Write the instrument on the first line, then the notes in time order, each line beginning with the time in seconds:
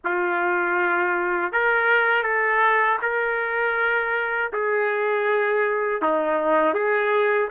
trumpet
0.04 F4
1.52 A#4
2.23 A4
3.01 A#4
4.52 G#4
6.01 D#4
6.73 G#4